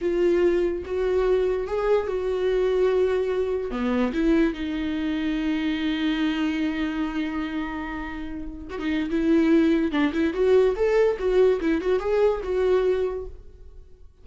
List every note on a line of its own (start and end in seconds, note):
0.01 0.83 F4
0.85 1.67 F#4
1.67 2.07 G#4
2.07 3.71 F#4
3.71 4.12 B3
4.13 4.53 E4
4.53 8.67 D#4
8.69 8.78 F#4
8.78 9.09 D#4
9.10 9.91 E4
9.91 10.12 D4
10.13 10.33 E4
10.33 10.75 F#4
10.75 11.17 A4
11.18 11.60 F#4
11.61 11.81 E4
11.81 11.99 F#4
11.99 12.41 G#4
12.43 13.25 F#4